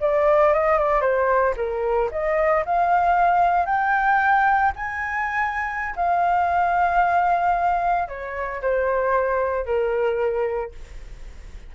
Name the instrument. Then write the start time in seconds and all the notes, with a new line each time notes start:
flute
0.00 D5
0.53 D#5
0.78 D5
1.01 C5
1.56 A#4
2.11 D#5
2.65 F5
3.66 G5
4.75 G#5
5.96 F5
8.08 C#5
8.61 C5
9.65 A#4